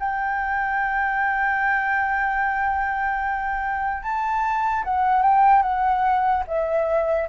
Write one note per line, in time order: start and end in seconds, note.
0.00 4.03 G5
4.03 4.84 A5
4.84 5.23 F#5
5.23 5.63 G5
5.63 6.44 F#5
6.48 7.29 E5